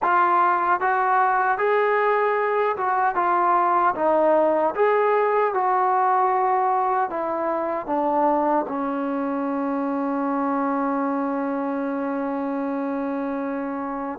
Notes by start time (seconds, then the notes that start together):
0.02 F4
0.80 F#4
1.58 G#4
2.76 F#4
3.15 F4
3.95 D#4
4.75 G#4
5.54 F#4
7.10 E4
7.86 D4
8.68 C#4